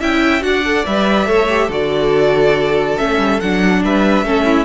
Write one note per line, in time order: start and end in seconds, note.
0.00 0.42 C#4
0.00 0.41 E4
0.00 0.43 E5
0.00 0.43 G5
0.41 0.84 D4
0.41 0.62 F#4
0.41 1.28 D5
0.41 0.85 F#5
0.65 0.86 A4
0.86 1.28 G3
0.86 1.26 B4
0.86 1.71 E5
1.26 1.69 A3
1.26 1.47 A4
1.26 1.67 C#5
1.49 1.71 G4
1.67 2.96 D3
1.67 2.98 F#4
1.67 3.80 A4
1.67 2.98 D5
2.98 3.17 A3
2.98 3.40 C#4
2.98 3.40 E5
3.17 3.39 G3
3.40 3.83 F#3
3.40 4.25 D4
3.40 3.83 F#5
3.83 4.23 G3
3.83 4.25 B4
3.83 4.65 E5
4.23 4.65 A3
4.23 4.65 C#4
4.23 4.45 A4
4.45 4.65 E4